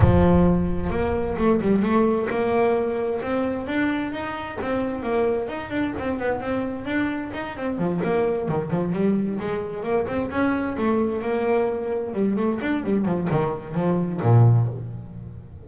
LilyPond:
\new Staff \with { instrumentName = "double bass" } { \time 4/4 \tempo 4 = 131 f2 ais4 a8 g8 | a4 ais2 c'4 | d'4 dis'4 c'4 ais4 | dis'8 d'8 c'8 b8 c'4 d'4 |
dis'8 c'8 f8 ais4 dis8 f8 g8~ | g8 gis4 ais8 c'8 cis'4 a8~ | a8 ais2 g8 a8 d'8 | g8 f8 dis4 f4 ais,4 | }